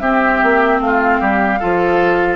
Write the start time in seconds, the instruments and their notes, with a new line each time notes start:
0.00 bassoon C4, clarinet C4, oboe G4, flute E5
0.43 bassoon A#3
0.80 bassoon A3, flute F5
0.86 oboe F4
1.20 bassoon G3, oboe G4
1.59 bassoon F3, clarinet F4, oboe A4